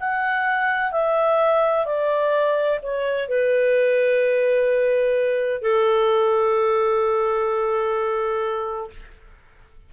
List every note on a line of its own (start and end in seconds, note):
0.00 0.92 F#5
0.92 1.86 E5
1.86 2.80 D5
2.83 3.29 C#5
3.29 5.62 B4
5.62 8.90 A4